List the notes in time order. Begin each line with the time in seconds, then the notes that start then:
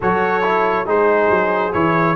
0.00 F#3 F#4 A4 C#5
0.42 E4
0.85 G#3 D#4 G#4 C5
1.30 F#3
1.72 E3 E4 C#5